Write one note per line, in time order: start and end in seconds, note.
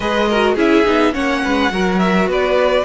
0.00 0.56 G#3
0.00 0.29 G#4
0.00 0.28 B4
0.00 0.55 D#5
0.28 0.56 F#4
0.28 0.54 A#4
0.54 0.85 C#4
0.54 0.85 E4
0.54 1.11 G#4
0.54 1.14 E5
0.85 1.14 B3
0.85 1.12 D#4
1.12 1.44 A#3
1.12 1.70 C#4
1.12 1.42 C#5
1.12 1.98 F#5
1.43 1.71 G#3
1.43 1.72 B4
1.70 2.26 F#3
1.70 2.84 F#4
1.70 2.28 A#4
1.98 2.27 E5
2.26 2.83 B3
2.26 2.84 B4
2.32 2.84 D5